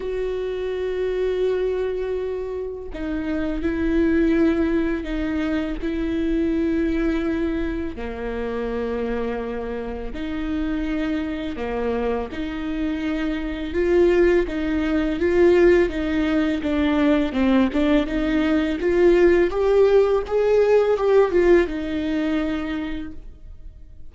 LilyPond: \new Staff \with { instrumentName = "viola" } { \time 4/4 \tempo 4 = 83 fis'1 | dis'4 e'2 dis'4 | e'2. ais4~ | ais2 dis'2 |
ais4 dis'2 f'4 | dis'4 f'4 dis'4 d'4 | c'8 d'8 dis'4 f'4 g'4 | gis'4 g'8 f'8 dis'2 | }